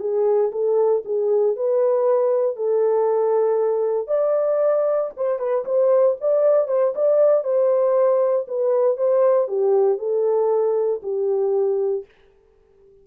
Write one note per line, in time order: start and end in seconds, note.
0.00 0.51 G#4
0.52 1.03 A4
1.05 1.56 G#4
1.56 2.56 B4
2.56 4.08 A4
4.08 5.10 D5
5.17 5.39 C5
5.39 5.65 B4
5.65 6.16 C5
6.21 6.68 D5
6.68 6.94 C5
6.95 7.44 D5
7.44 8.46 C5
8.48 8.97 B4
8.97 9.48 C5
9.48 9.98 G4
9.98 11.01 A4
11.03 12.05 G4